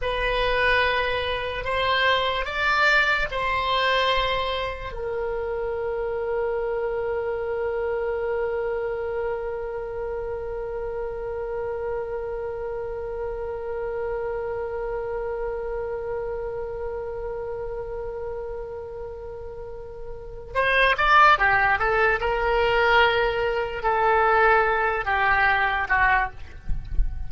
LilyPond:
\new Staff \with { instrumentName = "oboe" } { \time 4/4 \tempo 4 = 73 b'2 c''4 d''4 | c''2 ais'2~ | ais'1~ | ais'1~ |
ais'1~ | ais'1~ | ais'4 c''8 d''8 g'8 a'8 ais'4~ | ais'4 a'4. g'4 fis'8 | }